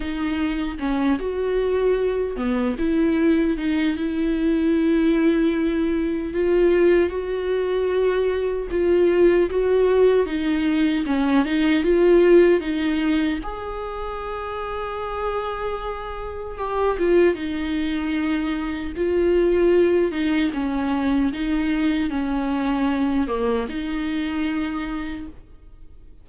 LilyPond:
\new Staff \with { instrumentName = "viola" } { \time 4/4 \tempo 4 = 76 dis'4 cis'8 fis'4. b8 e'8~ | e'8 dis'8 e'2. | f'4 fis'2 f'4 | fis'4 dis'4 cis'8 dis'8 f'4 |
dis'4 gis'2.~ | gis'4 g'8 f'8 dis'2 | f'4. dis'8 cis'4 dis'4 | cis'4. ais8 dis'2 | }